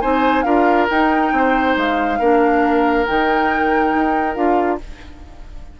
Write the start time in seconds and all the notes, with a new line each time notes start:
0.00 C4 D#4 C5 G#5
0.42 D4 F4 A#4 F5
0.90 D#4 G5
1.32 C4 C5
1.76 G#3 F5
2.19 A#3 D4 A#4
3.05 D#3 D#4 G5
3.94 D#4
4.34 D4 F4 F5